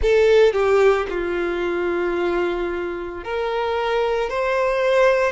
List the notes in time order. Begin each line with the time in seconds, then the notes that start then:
0.01 A4
0.53 G4
1.09 F4
3.24 A#4
4.29 C5